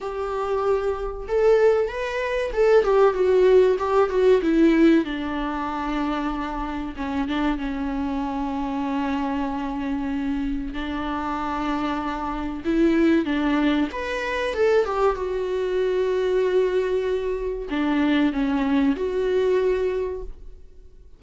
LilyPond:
\new Staff \with { instrumentName = "viola" } { \time 4/4 \tempo 4 = 95 g'2 a'4 b'4 | a'8 g'8 fis'4 g'8 fis'8 e'4 | d'2. cis'8 d'8 | cis'1~ |
cis'4 d'2. | e'4 d'4 b'4 a'8 g'8 | fis'1 | d'4 cis'4 fis'2 | }